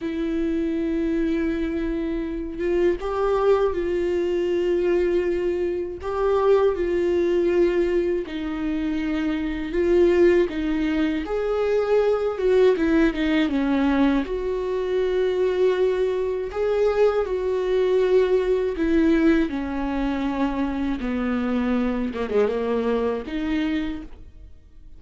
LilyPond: \new Staff \with { instrumentName = "viola" } { \time 4/4 \tempo 4 = 80 e'2.~ e'8 f'8 | g'4 f'2. | g'4 f'2 dis'4~ | dis'4 f'4 dis'4 gis'4~ |
gis'8 fis'8 e'8 dis'8 cis'4 fis'4~ | fis'2 gis'4 fis'4~ | fis'4 e'4 cis'2 | b4. ais16 gis16 ais4 dis'4 | }